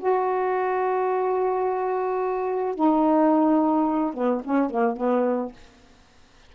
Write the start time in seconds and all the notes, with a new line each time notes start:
0.00 F#4
2.75 D#4
4.14 B3
4.45 C#4
4.70 A#3
4.97 B3